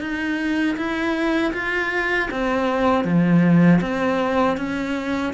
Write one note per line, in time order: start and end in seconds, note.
0.00 0.76 D#4
0.77 1.53 E4
1.53 2.29 F4
2.31 3.04 C4
3.04 3.80 F3
3.81 4.57 C4
4.57 5.33 C#4